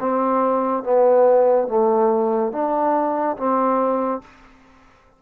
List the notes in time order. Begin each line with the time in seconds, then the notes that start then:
0.00 C4
0.84 B3
1.68 A3
2.52 D4
3.37 C4